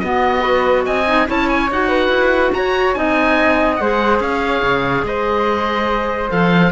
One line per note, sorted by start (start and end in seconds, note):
0.00 0.41 B3
0.00 0.87 B3
0.00 0.42 F#4
0.00 0.84 D#5
0.41 1.03 F#4
0.41 0.84 B4
0.86 1.29 C4
0.86 1.28 D#5
0.86 1.28 G#5
1.07 1.27 D#4
1.27 1.71 C#4
1.27 1.69 E4
1.27 1.89 C#5
1.27 1.49 A5
1.49 1.70 G#5
1.71 2.09 D#4
1.71 2.94 F#4
1.71 2.53 F#5
1.89 2.52 B4
2.09 2.51 E4
2.53 2.96 F#4
2.53 2.97 C#5
2.53 2.94 A#5
2.94 3.80 C4
2.94 3.78 D#4
2.94 3.81 D#5
2.94 3.76 G#5
3.76 4.20 G#3
3.76 6.30 G#4
3.76 4.21 C5
3.76 4.18 F#5
4.20 4.62 C#4
4.20 5.05 C#5
4.20 5.05 F5
4.63 5.03 C#3
5.03 6.29 G#3
5.03 6.73 C5
5.03 6.31 D#5
6.30 6.73 F3
6.30 6.72 A4
6.30 6.73 F5